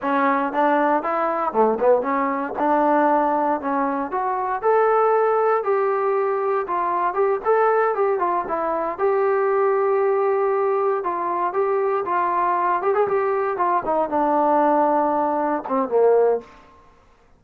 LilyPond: \new Staff \with { instrumentName = "trombone" } { \time 4/4 \tempo 4 = 117 cis'4 d'4 e'4 a8 b8 | cis'4 d'2 cis'4 | fis'4 a'2 g'4~ | g'4 f'4 g'8 a'4 g'8 |
f'8 e'4 g'2~ g'8~ | g'4. f'4 g'4 f'8~ | f'4 g'16 gis'16 g'4 f'8 dis'8 d'8~ | d'2~ d'8 c'8 ais4 | }